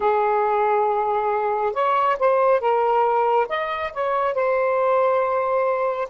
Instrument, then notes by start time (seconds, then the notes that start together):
saxophone
0.00 G#4
1.73 C#5
2.19 C5
2.60 A#4
3.49 D#5
3.93 C#5
4.34 C5